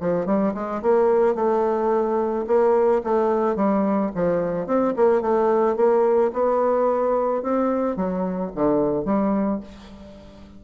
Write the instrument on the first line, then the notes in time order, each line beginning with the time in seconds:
bassoon
0.00 F3
0.26 G3
0.54 G#3
0.82 A#3
1.35 A3
2.47 A#3
3.04 A3
3.56 G3
4.15 F3
4.66 C4
4.96 A#3
5.21 A3
5.76 A#3
6.33 B3
7.43 C4
7.96 F#3
8.55 D3
9.05 G3